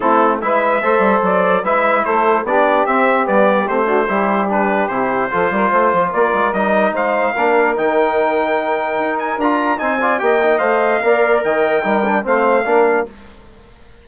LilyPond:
<<
  \new Staff \with { instrumentName = "trumpet" } { \time 4/4 \tempo 4 = 147 a'4 e''2 d''4 | e''4 c''4 d''4 e''4 | d''4 c''2 b'4 | c''2. d''4 |
dis''4 f''2 g''4~ | g''2~ g''8 gis''8 ais''4 | gis''4 g''4 f''2 | g''2 f''2 | }
  \new Staff \with { instrumentName = "saxophone" } { \time 4/4 e'4 b'4 c''2 | b'4 a'4 g'2~ | g'4. fis'8 g'2~ | g'4 a'8 ais'8 c''4 ais'4~ |
ais'4 c''4 ais'2~ | ais'1 | c''8 d''8 dis''2 d''4 | dis''4 ais'4 c''4 ais'4 | }
  \new Staff \with { instrumentName = "trombone" } { \time 4/4 c'4 e'4 a'2 | e'2 d'4 c'4 | b4 c'8 d'8 e'4 d'4 | e'4 f'2. |
dis'2 d'4 dis'4~ | dis'2. f'4 | dis'8 f'8 g'8 dis'8 c''4 ais'4~ | ais'4 dis'8 d'8 c'4 d'4 | }
  \new Staff \with { instrumentName = "bassoon" } { \time 4/4 a4 gis4 a8 g8 fis4 | gis4 a4 b4 c'4 | g4 a4 g2 | c4 f8 g8 a8 f8 ais8 gis8 |
g4 gis4 ais4 dis4~ | dis2 dis'4 d'4 | c'4 ais4 a4 ais4 | dis4 g4 a4 ais4 | }
>>